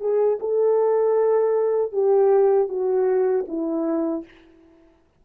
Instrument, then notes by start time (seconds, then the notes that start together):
horn
0.00 G#4
0.40 A4
1.92 G4
2.68 F#4
3.48 E4